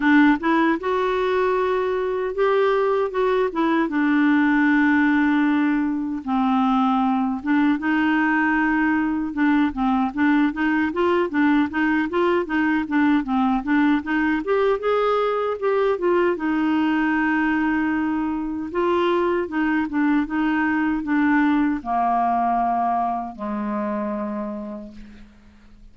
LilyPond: \new Staff \with { instrumentName = "clarinet" } { \time 4/4 \tempo 4 = 77 d'8 e'8 fis'2 g'4 | fis'8 e'8 d'2. | c'4. d'8 dis'2 | d'8 c'8 d'8 dis'8 f'8 d'8 dis'8 f'8 |
dis'8 d'8 c'8 d'8 dis'8 g'8 gis'4 | g'8 f'8 dis'2. | f'4 dis'8 d'8 dis'4 d'4 | ais2 gis2 | }